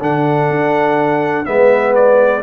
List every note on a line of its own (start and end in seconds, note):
0.00 0.49 D3
0.00 1.45 D4
0.00 1.45 A4
0.00 1.45 F#5
0.49 1.46 D4
1.45 2.42 G#3
1.45 2.42 B3
1.45 2.42 B4
1.45 1.93 E5
1.95 2.42 D5